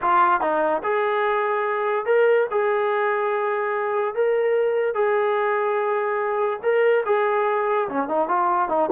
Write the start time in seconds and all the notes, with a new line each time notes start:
0.01 F4
0.40 D#4
0.83 G#4
2.05 A#4
2.50 G#4
4.14 A#4
4.94 G#4
6.62 A#4
7.05 G#4
7.88 C#4
8.08 D#4
8.28 F4
8.69 D#4